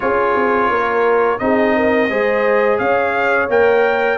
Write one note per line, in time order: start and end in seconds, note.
0.00 0.35 C#4
0.00 1.39 F4
0.00 0.71 G#4
0.00 1.38 C#5
0.35 0.69 C4
0.69 1.39 A#3
0.69 1.41 A#4
1.38 2.09 C4
1.38 2.09 D#4
1.38 1.76 G#4
1.38 2.77 D#5
1.76 2.09 A#4
2.09 2.79 G#3
2.09 3.49 G#4
2.09 2.79 C5
2.78 3.49 C#4
2.78 4.18 C#5
2.78 3.48 F5
3.49 4.18 A#3
3.49 4.18 A#4
3.49 4.18 G5